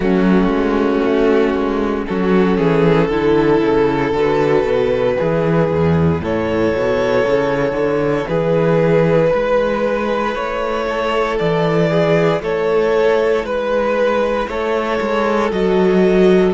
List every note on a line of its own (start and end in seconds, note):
0.00 0.47 F#3
0.00 2.07 A3
0.00 2.09 C#4
0.00 2.05 F#4
0.47 0.99 G#3
1.05 1.54 A3
1.54 2.06 G#3
2.06 2.58 F#3
2.06 3.11 C#4
2.06 2.57 F#4
2.06 4.13 A4
2.57 3.09 E3
2.57 3.07 G#4
3.07 3.61 D3
3.07 4.14 E4
3.07 5.14 A4
3.62 4.12 C#3
4.12 4.64 D3
4.12 5.17 F#4
4.12 6.23 B4
4.64 5.16 B2
5.17 5.70 E3
5.17 15.51 E4
5.17 6.21 G#4
5.70 6.21 E2
6.21 6.72 A2
6.21 8.28 A4
6.21 8.28 C#5
6.72 7.24 B2
7.25 7.72 C#3
7.72 8.24 D3
8.28 9.32 E3
8.28 9.30 G#4
8.28 10.34 B4
9.30 10.35 G#3
9.30 10.85 B4
10.34 11.39 A3
10.34 11.38 C#5
10.89 11.90 A4
11.38 12.41 E3
11.38 12.41 D5
11.90 12.42 G#4
12.41 13.44 A3
12.41 13.45 A4
12.41 13.45 C#5
13.44 14.47 G#3
13.44 14.48 B4
14.47 14.99 A3
14.47 16.53 A4
14.47 15.51 C#5
15.00 15.51 G#3
15.51 16.53 F#3
15.51 16.53 F#4
15.51 16.53 D#5